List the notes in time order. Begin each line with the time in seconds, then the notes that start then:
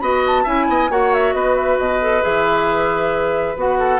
0.00 B3 F#4 D#5 B5
0.27 A5
0.44 C#4 E4 E5 G#5
0.68 B3 D#5
0.90 A#3 F#4 C#5 F#5
1.14 E5
1.33 B3 B4 D#5
1.56 E5
1.78 B2 D#5
2.01 A4
2.23 E3 G#4 E5
3.56 B3 F#4 F#5
3.79 A4